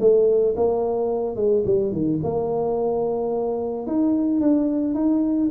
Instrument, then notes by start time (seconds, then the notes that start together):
tuba
0.00 A3
0.56 A#3
1.36 G#3
1.65 G3
1.92 D#3
2.23 A#3
3.87 D#4
4.41 D4
4.94 D#4